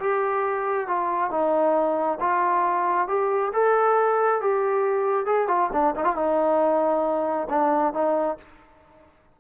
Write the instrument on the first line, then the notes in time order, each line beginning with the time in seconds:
trombone
0.00 G4
0.88 F4
1.31 D#4
2.21 F4
3.08 G4
3.53 A4
4.41 G4
5.26 G#4
5.48 F4
5.73 D4
5.96 D#4
6.05 F4
6.16 D#4
7.49 D4
7.94 D#4